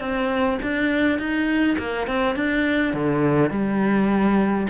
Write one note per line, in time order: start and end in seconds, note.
0.00 0.58 C4
0.62 1.19 D4
1.19 1.77 D#4
1.78 2.07 A#3
2.07 2.35 C4
2.35 2.94 D4
2.94 3.51 D3
3.51 4.67 G3